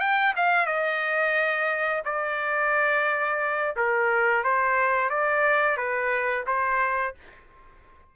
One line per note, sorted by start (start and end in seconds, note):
0.00 0.34 G5
0.36 0.66 F5
0.66 2.03 D#5
2.05 3.76 D5
3.76 4.44 A#4
4.44 5.10 C5
5.10 5.77 D5
5.77 6.45 B4
6.47 7.15 C5